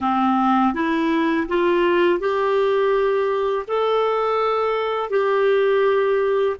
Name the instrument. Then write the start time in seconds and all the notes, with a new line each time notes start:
clarinet
0.00 C4
0.74 E4
1.48 F4
2.19 G4
3.67 A4
5.10 G4